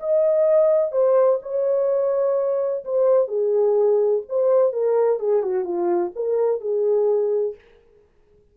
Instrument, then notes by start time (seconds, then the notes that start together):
horn
0.00 D#5
0.92 C5
1.42 C#5
2.85 C5
3.28 G#4
4.29 C5
4.73 A#4
5.19 G#4
5.42 F#4
5.64 F4
6.15 A#4
6.61 G#4